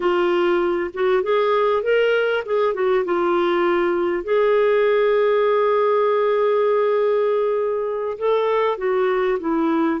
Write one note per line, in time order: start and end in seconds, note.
0.00 0.90 F4
0.93 1.22 F#4
1.22 1.82 G#4
1.82 2.43 A#4
2.45 2.74 G#4
2.74 3.04 F#4
3.04 4.23 F4
4.23 8.17 G#4
8.18 8.77 A4
8.77 9.38 F#4
9.39 10.00 E4